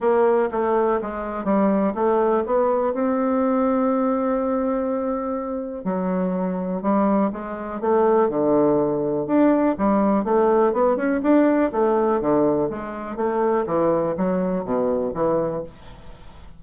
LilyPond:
\new Staff \with { instrumentName = "bassoon" } { \time 4/4 \tempo 4 = 123 ais4 a4 gis4 g4 | a4 b4 c'2~ | c'1 | fis2 g4 gis4 |
a4 d2 d'4 | g4 a4 b8 cis'8 d'4 | a4 d4 gis4 a4 | e4 fis4 b,4 e4 | }